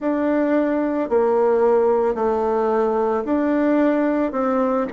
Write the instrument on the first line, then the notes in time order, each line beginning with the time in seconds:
bassoon
0.00 D4
1.09 A#3
2.15 A3
3.24 D4
4.31 C4